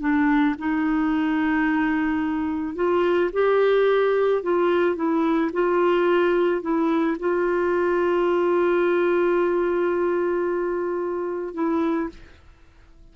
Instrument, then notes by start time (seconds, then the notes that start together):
clarinet
0.00 D4
0.59 D#4
2.75 F4
3.33 G4
4.43 F4
4.96 E4
5.53 F4
6.62 E4
7.19 F4
11.54 E4